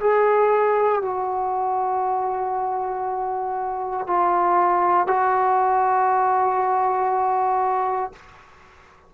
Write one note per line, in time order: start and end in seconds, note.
0.00 1.02 G#4
1.02 4.07 F#4
4.07 5.07 F4
5.07 8.12 F#4